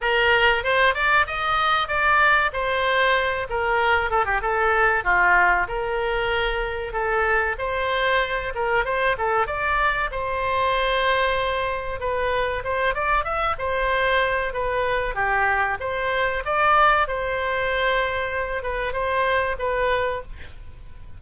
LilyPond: \new Staff \with { instrumentName = "oboe" } { \time 4/4 \tempo 4 = 95 ais'4 c''8 d''8 dis''4 d''4 | c''4. ais'4 a'16 g'16 a'4 | f'4 ais'2 a'4 | c''4. ais'8 c''8 a'8 d''4 |
c''2. b'4 | c''8 d''8 e''8 c''4. b'4 | g'4 c''4 d''4 c''4~ | c''4. b'8 c''4 b'4 | }